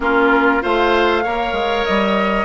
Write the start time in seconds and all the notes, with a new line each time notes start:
0.00 A#3 C#4 F4 A#4
0.61 A3 F4 C5 F5
1.23 A#3 A#4 C#5
1.52 G#3
1.84 G3 D#5